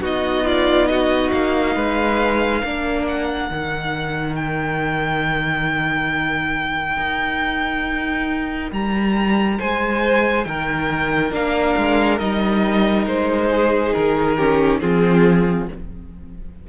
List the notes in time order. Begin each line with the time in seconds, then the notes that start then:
0.00 B3 D#4 F#4 D#5
0.45 F4 D5
0.87 F#4 D#5
1.32 A#3 F5
1.75 G#3 B4
2.62 A#3 D4 A#4
3.08 F#5
3.50 D#3 D#4
4.35 G5
6.97 D#4
8.71 G3 A#5
9.58 G#3 C5 G#5
10.44 D#3 A#4 G5
11.31 A#3 D4 F5
11.77 G#3
12.18 G3 D#4 D#5
13.06 G#3 C5
13.50 G#4
13.93 D#3 A#4
14.37 C#4 G4
14.80 F3 C4 F4 G#4